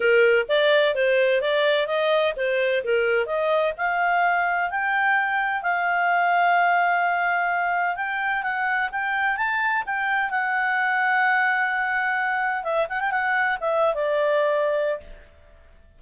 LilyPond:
\new Staff \with { instrumentName = "clarinet" } { \time 4/4 \tempo 4 = 128 ais'4 d''4 c''4 d''4 | dis''4 c''4 ais'4 dis''4 | f''2 g''2 | f''1~ |
f''4 g''4 fis''4 g''4 | a''4 g''4 fis''2~ | fis''2. e''8 fis''16 g''16 | fis''4 e''8. d''2~ d''16 | }